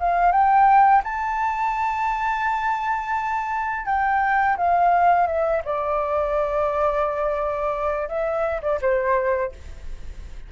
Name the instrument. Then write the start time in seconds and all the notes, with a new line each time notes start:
flute
0.00 F5
0.32 G5
1.04 A5
3.86 G5
4.57 F5
5.27 E5
5.65 D5
8.08 E5
8.62 D5
8.82 C5